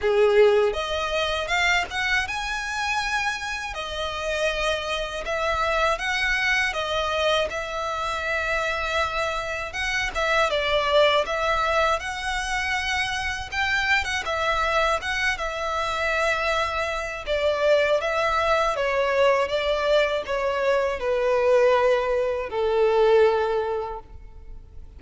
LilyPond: \new Staff \with { instrumentName = "violin" } { \time 4/4 \tempo 4 = 80 gis'4 dis''4 f''8 fis''8 gis''4~ | gis''4 dis''2 e''4 | fis''4 dis''4 e''2~ | e''4 fis''8 e''8 d''4 e''4 |
fis''2 g''8. fis''16 e''4 | fis''8 e''2~ e''8 d''4 | e''4 cis''4 d''4 cis''4 | b'2 a'2 | }